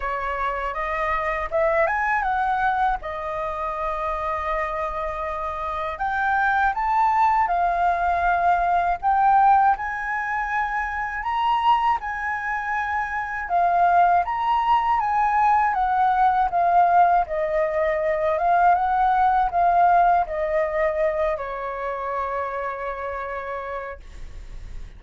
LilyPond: \new Staff \with { instrumentName = "flute" } { \time 4/4 \tempo 4 = 80 cis''4 dis''4 e''8 gis''8 fis''4 | dis''1 | g''4 a''4 f''2 | g''4 gis''2 ais''4 |
gis''2 f''4 ais''4 | gis''4 fis''4 f''4 dis''4~ | dis''8 f''8 fis''4 f''4 dis''4~ | dis''8 cis''2.~ cis''8 | }